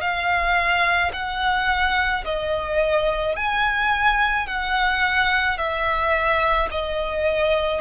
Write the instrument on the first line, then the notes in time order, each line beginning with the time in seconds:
violin
0.00 F5
1.13 F#5
2.24 D#5
3.35 G#5
4.46 F#5
5.58 E5
6.71 D#5